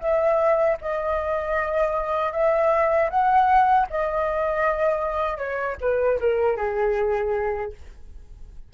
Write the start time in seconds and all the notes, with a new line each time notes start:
0.00 E5
0.81 D#5
2.32 E5
3.10 F#5
3.90 D#5
5.37 C#5
5.80 B4
6.20 A#4
6.57 G#4